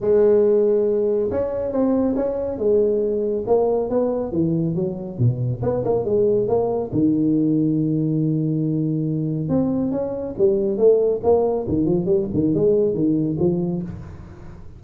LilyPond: \new Staff \with { instrumentName = "tuba" } { \time 4/4 \tempo 4 = 139 gis2. cis'4 | c'4 cis'4 gis2 | ais4 b4 e4 fis4 | b,4 b8 ais8 gis4 ais4 |
dis1~ | dis2 c'4 cis'4 | g4 a4 ais4 dis8 f8 | g8 dis8 gis4 dis4 f4 | }